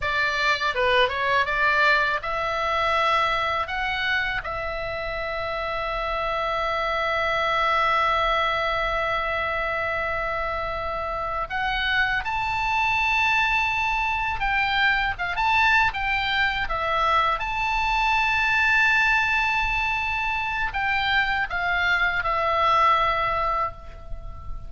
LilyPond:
\new Staff \with { instrumentName = "oboe" } { \time 4/4 \tempo 4 = 81 d''4 b'8 cis''8 d''4 e''4~ | e''4 fis''4 e''2~ | e''1~ | e''2.~ e''8 fis''8~ |
fis''8 a''2. g''8~ | g''8 f''16 a''8. g''4 e''4 a''8~ | a''1 | g''4 f''4 e''2 | }